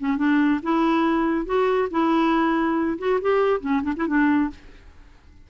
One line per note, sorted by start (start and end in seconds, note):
0.00 0.18 C#4
0.18 0.60 D4
0.63 1.46 E4
1.46 1.89 F#4
1.91 2.98 E4
2.99 3.20 F#4
3.21 3.61 G4
3.61 3.82 C#4
3.83 3.94 D4
3.97 4.07 E4
4.07 4.50 D4